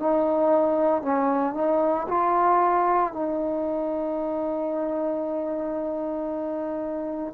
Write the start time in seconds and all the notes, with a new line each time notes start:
0.00 D#4
1.03 C#4
1.55 D#4
2.09 F4
3.13 D#4